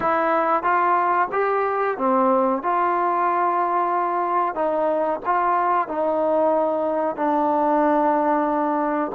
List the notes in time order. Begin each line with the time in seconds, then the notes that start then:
0.00 E4
0.63 F4
1.32 G4
1.97 C4
2.62 F4
4.54 D#4
5.25 F4
5.88 D#4
7.16 D4